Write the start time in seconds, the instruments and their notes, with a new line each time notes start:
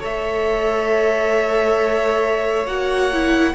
0.00 cello A3, viola A4, violin C#5 E5
2.66 cello A#3, viola F#4, violin F#5
3.13 viola E4